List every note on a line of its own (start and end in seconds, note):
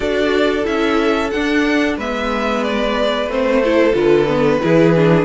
0.00 0.66 D4
0.00 0.63 F#4
0.00 1.97 A4
0.00 0.65 D5
0.63 1.32 C#4
0.63 1.29 E4
0.63 1.30 E5
1.30 1.97 D4
1.30 2.00 D4
1.30 1.96 F#5
1.97 3.27 G#3
1.97 3.29 B3
1.97 3.62 B4
1.97 2.63 E5
2.63 3.29 D5
3.27 3.93 A3
3.27 3.62 C4
3.27 3.95 C5
3.63 3.92 E4
3.63 4.62 A4
3.92 4.60 D3
3.92 4.25 F4
3.92 5.24 B4
4.27 4.60 B3
4.61 5.24 E3
4.61 4.94 E4
4.61 5.24 G#4
4.95 5.24 D4